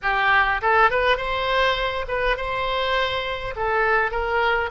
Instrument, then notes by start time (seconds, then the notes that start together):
oboe
0.02 G4
0.61 A4
0.90 B4
1.17 C5
2.07 B4
2.37 C5
3.56 A4
4.11 A#4